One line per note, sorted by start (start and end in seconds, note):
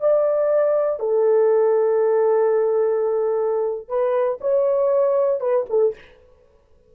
0.00 0.99 D5
0.99 3.89 A4
3.89 4.39 B4
4.41 5.41 C#5
5.41 5.66 B4
5.70 5.95 A4